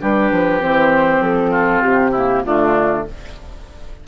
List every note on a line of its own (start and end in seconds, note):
0.00 0.31 G3
0.00 0.60 D4
0.00 1.51 G4
0.00 0.62 B4
0.31 0.62 F3
0.60 1.20 E3
0.60 2.13 C4
0.60 1.23 C5
1.20 1.81 F3
1.20 1.82 A4
1.51 2.11 F4
1.82 2.45 C3
1.82 2.43 G4
2.11 2.45 A#3
2.11 2.41 E4
2.43 3.06 D3
2.43 3.06 A3
2.43 3.08 D4
2.43 3.04 F4